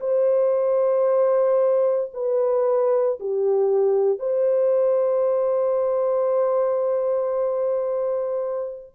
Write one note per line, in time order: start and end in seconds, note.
0.00 2.11 C5
2.13 3.19 B4
3.20 4.19 G4
4.19 8.92 C5